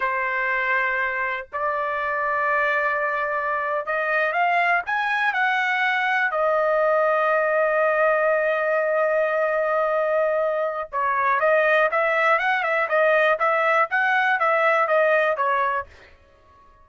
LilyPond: \new Staff \with { instrumentName = "trumpet" } { \time 4/4 \tempo 4 = 121 c''2. d''4~ | d''2.~ d''8. dis''16~ | dis''8. f''4 gis''4 fis''4~ fis''16~ | fis''8. dis''2.~ dis''16~ |
dis''1~ | dis''2 cis''4 dis''4 | e''4 fis''8 e''8 dis''4 e''4 | fis''4 e''4 dis''4 cis''4 | }